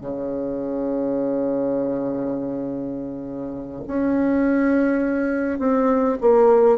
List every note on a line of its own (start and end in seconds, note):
0.00 3.82 C#3
3.87 5.59 C#4
5.59 6.17 C4
6.20 6.78 A#3